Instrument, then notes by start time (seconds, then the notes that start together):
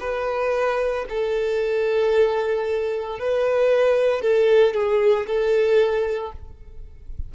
violin
0.00 B4
1.09 A4
3.19 B4
4.22 A4
4.74 G#4
5.27 A4